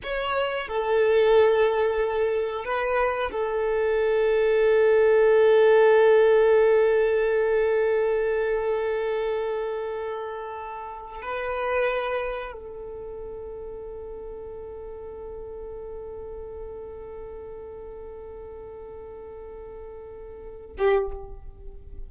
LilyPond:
\new Staff \with { instrumentName = "violin" } { \time 4/4 \tempo 4 = 91 cis''4 a'2. | b'4 a'2.~ | a'1~ | a'1~ |
a'4 b'2 a'4~ | a'1~ | a'1~ | a'2.~ a'8 g'8 | }